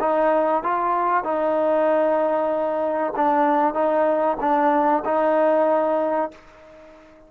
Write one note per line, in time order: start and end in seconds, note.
0.00 0.63 D#4
0.63 1.24 F4
1.24 3.13 D#4
3.16 3.74 D4
3.74 4.37 D#4
4.40 5.03 D4
5.05 6.31 D#4